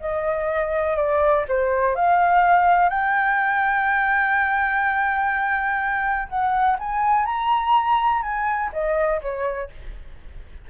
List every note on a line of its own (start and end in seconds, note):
0.00 0.97 D#5
0.97 1.45 D5
1.48 1.95 C5
1.95 2.89 F5
2.89 6.28 G5
6.29 6.77 F#5
6.79 7.25 G#5
7.25 8.22 A#5
8.22 8.71 G#5
8.73 9.21 D#5
9.22 9.70 C#5